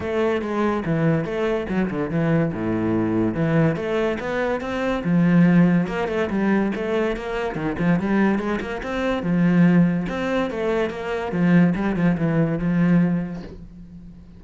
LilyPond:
\new Staff \with { instrumentName = "cello" } { \time 4/4 \tempo 4 = 143 a4 gis4 e4 a4 | fis8 d8 e4 a,2 | e4 a4 b4 c'4 | f2 ais8 a8 g4 |
a4 ais4 dis8 f8 g4 | gis8 ais8 c'4 f2 | c'4 a4 ais4 f4 | g8 f8 e4 f2 | }